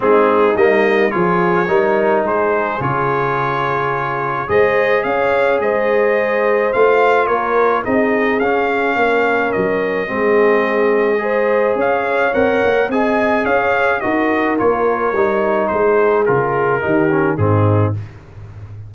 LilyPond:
<<
  \new Staff \with { instrumentName = "trumpet" } { \time 4/4 \tempo 4 = 107 gis'4 dis''4 cis''2 | c''4 cis''2. | dis''4 f''4 dis''2 | f''4 cis''4 dis''4 f''4~ |
f''4 dis''2.~ | dis''4 f''4 fis''4 gis''4 | f''4 dis''4 cis''2 | c''4 ais'2 gis'4 | }
  \new Staff \with { instrumentName = "horn" } { \time 4/4 dis'2 gis'4 ais'4 | gis'1 | c''4 cis''4 c''2~ | c''4 ais'4 gis'2 |
ais'2 gis'2 | c''4 cis''2 dis''4 | cis''4 ais'2. | gis'2 g'4 dis'4 | }
  \new Staff \with { instrumentName = "trombone" } { \time 4/4 c'4 ais4 f'4 dis'4~ | dis'4 f'2. | gis'1 | f'2 dis'4 cis'4~ |
cis'2 c'2 | gis'2 ais'4 gis'4~ | gis'4 fis'4 f'4 dis'4~ | dis'4 f'4 dis'8 cis'8 c'4 | }
  \new Staff \with { instrumentName = "tuba" } { \time 4/4 gis4 g4 f4 g4 | gis4 cis2. | gis4 cis'4 gis2 | a4 ais4 c'4 cis'4 |
ais4 fis4 gis2~ | gis4 cis'4 c'8 ais8 c'4 | cis'4 dis'4 ais4 g4 | gis4 cis4 dis4 gis,4 | }
>>